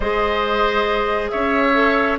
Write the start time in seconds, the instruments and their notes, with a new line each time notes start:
0.00 bassoon G#3, clarinet G#4, oboe C5, flute D#5
1.30 bassoon C#4, oboe C#5, flute E5
1.74 clarinet A4